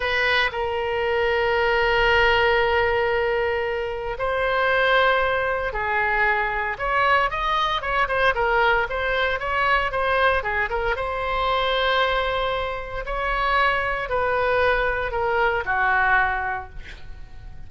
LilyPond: \new Staff \with { instrumentName = "oboe" } { \time 4/4 \tempo 4 = 115 b'4 ais'2.~ | ais'1 | c''2. gis'4~ | gis'4 cis''4 dis''4 cis''8 c''8 |
ais'4 c''4 cis''4 c''4 | gis'8 ais'8 c''2.~ | c''4 cis''2 b'4~ | b'4 ais'4 fis'2 | }